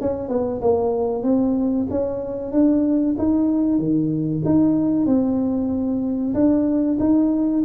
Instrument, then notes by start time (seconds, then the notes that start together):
tuba
0.00 C#4
0.28 B3
0.61 A#3
1.23 C4
1.90 C#4
2.52 D4
3.18 D#4
3.78 D#3
4.44 D#4
5.06 C4
6.34 D4
6.99 D#4